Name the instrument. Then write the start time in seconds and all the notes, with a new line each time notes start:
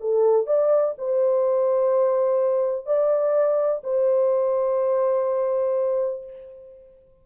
horn
0.00 A4
0.46 D5
0.98 C5
2.86 D5
3.83 C5